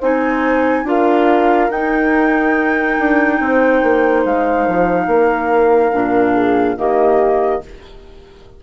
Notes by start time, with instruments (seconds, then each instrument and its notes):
0.00 bassoon C4, clarinet D#4, horn C5, flute G#5
0.84 bassoon D4, clarinet F4, horn A#4, flute F5
1.71 bassoon D#4, clarinet D#4, flute G5
2.99 bassoon D4
3.40 bassoon C4, horn C5
3.83 bassoon A#3
4.25 bassoon G#3, flute F5
4.67 bassoon F3
5.07 bassoon A#3, horn A#4
5.93 bassoon A#2, clarinet D4
6.35 horn G#4
6.77 bassoon D#3, clarinet A#3, horn G4, flute D#5